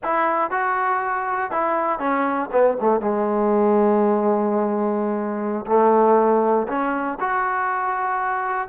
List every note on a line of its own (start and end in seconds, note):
0.03 0.50 E4
0.50 1.51 F#4
1.51 1.99 E4
1.99 2.49 C#4
2.52 2.77 B3
2.81 3.00 A3
3.00 5.65 G#3
5.66 6.67 A3
6.68 7.18 C#4
7.20 8.68 F#4